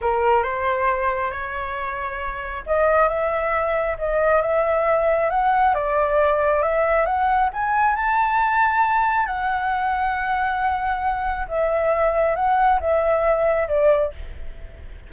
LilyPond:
\new Staff \with { instrumentName = "flute" } { \time 4/4 \tempo 4 = 136 ais'4 c''2 cis''4~ | cis''2 dis''4 e''4~ | e''4 dis''4 e''2 | fis''4 d''2 e''4 |
fis''4 gis''4 a''2~ | a''4 fis''2.~ | fis''2 e''2 | fis''4 e''2 d''4 | }